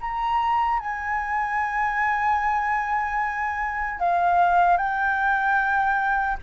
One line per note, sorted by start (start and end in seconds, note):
0.00 0.79 A#5
0.79 3.99 G#5
3.99 4.77 F5
4.77 6.37 G5